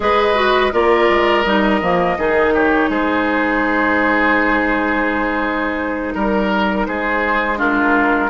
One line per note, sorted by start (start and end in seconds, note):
0.00 0.72 G#3
0.00 0.34 G#4
0.00 0.72 B4
0.00 0.72 D#5
0.34 0.70 F#4
0.72 1.09 A#3
0.72 1.44 F4
0.72 2.17 A#4
0.72 1.43 D5
1.09 1.45 G#3
1.43 1.81 G3
1.43 1.81 D#4
1.43 2.51 D#5
1.81 2.17 F3
1.81 2.18 A#3
2.17 2.89 D#3
2.17 7.57 D#4
2.17 2.53 G#4
2.53 2.90 G4
2.53 2.91 C#5
2.89 6.14 G#3
2.89 6.14 G#4
2.89 6.14 C5
6.14 6.87 G3
6.14 6.86 A#4
6.86 8.30 G#3
6.86 7.58 G#4
6.86 7.58 C5
7.57 8.29 D4
7.57 8.30 F4
7.57 8.30 A#4